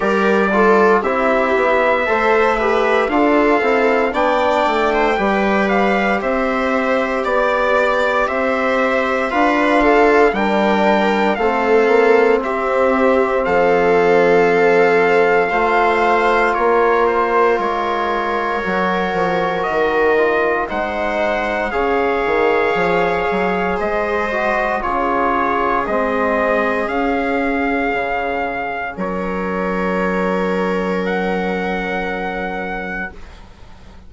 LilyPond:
<<
  \new Staff \with { instrumentName = "trumpet" } { \time 4/4 \tempo 4 = 58 d''4 e''2 f''4 | g''4. f''8 e''4 d''4 | e''4 f''4 g''4 f''4 | e''4 f''2. |
cis''8 c''8 cis''2 dis''4 | fis''4 f''2 dis''4 | cis''4 dis''4 f''2 | cis''2 fis''2 | }
  \new Staff \with { instrumentName = "viola" } { \time 4/4 ais'8 a'8 g'4 c''8 b'8 a'4 | d''8. c''16 b'4 c''4 d''4 | c''4 b'8 a'8 ais'4 a'4 | g'4 a'2 c''4 |
ais'1 | c''4 cis''2 c''4 | gis'1 | ais'1 | }
  \new Staff \with { instrumentName = "trombone" } { \time 4/4 g'8 f'8 e'4 a'8 g'8 f'8 e'8 | d'4 g'2.~ | g'4 f'4 d'4 c'4~ | c'2. f'4~ |
f'2 fis'4. f'8 | dis'4 gis'2~ gis'8 fis'8 | f'4 c'4 cis'2~ | cis'1 | }
  \new Staff \with { instrumentName = "bassoon" } { \time 4/4 g4 c'8 b8 a4 d'8 c'8 | b8 a8 g4 c'4 b4 | c'4 d'4 g4 a8 ais8 | c'4 f2 a4 |
ais4 gis4 fis8 f8 dis4 | gis4 cis8 dis8 f8 fis8 gis4 | cis4 gis4 cis'4 cis4 | fis1 | }
>>